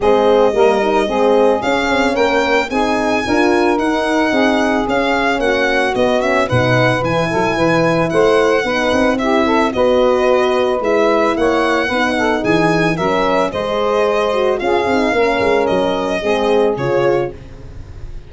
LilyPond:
<<
  \new Staff \with { instrumentName = "violin" } { \time 4/4 \tempo 4 = 111 dis''2. f''4 | g''4 gis''2 fis''4~ | fis''4 f''4 fis''4 dis''8 e''8 | fis''4 gis''2 fis''4~ |
fis''4 e''4 dis''2 | e''4 fis''2 gis''4 | e''4 dis''2 f''4~ | f''4 dis''2 cis''4 | }
  \new Staff \with { instrumentName = "saxophone" } { \time 4/4 gis'4 ais'4 gis'2 | ais'4 gis'4 ais'2 | gis'2 fis'2 | b'4. a'8 b'4 c''4 |
b'4 g'8 a'8 b'2~ | b'4 cis''4 b'8 a'8 gis'4 | ais'4 c''2 gis'4 | ais'2 gis'2 | }
  \new Staff \with { instrumentName = "horn" } { \time 4/4 c'4 ais8 dis'8 c'4 cis'4~ | cis'4 dis'4 f'4 dis'4~ | dis'4 cis'2 b8 cis'8 | dis'4 e'2. |
dis'4 e'4 fis'2 | e'2 dis'2 | cis'4 gis'4. fis'8 f'8 dis'8 | cis'2 c'4 f'4 | }
  \new Staff \with { instrumentName = "tuba" } { \time 4/4 gis4 g4 gis4 cis'8 c'8 | ais4 c'4 d'4 dis'4 | c'4 cis'4 ais4 b4 | b,4 e8 fis8 e4 a4 |
b8 c'4. b2 | gis4 ais4 b4 e4 | fis4 gis2 cis'8 c'8 | ais8 gis8 fis4 gis4 cis4 | }
>>